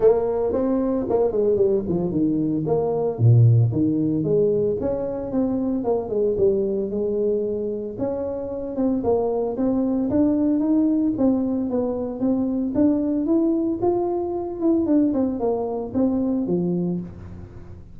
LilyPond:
\new Staff \with { instrumentName = "tuba" } { \time 4/4 \tempo 4 = 113 ais4 c'4 ais8 gis8 g8 f8 | dis4 ais4 ais,4 dis4 | gis4 cis'4 c'4 ais8 gis8 | g4 gis2 cis'4~ |
cis'8 c'8 ais4 c'4 d'4 | dis'4 c'4 b4 c'4 | d'4 e'4 f'4. e'8 | d'8 c'8 ais4 c'4 f4 | }